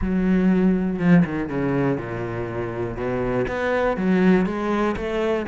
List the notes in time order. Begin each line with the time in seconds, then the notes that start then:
0.01 F#3
0.99 F3
1.25 D#3
1.49 C#3
1.97 A#2
2.97 B2
3.47 B3
3.96 F#3
4.46 G#3
4.96 A3